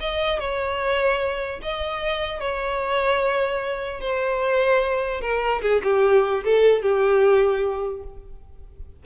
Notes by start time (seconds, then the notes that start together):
0.00 D#5
0.40 C#5
1.62 D#5
2.40 C#5
4.00 C5
5.21 A#4
5.62 G#4
5.83 G4
6.44 A4
6.82 G4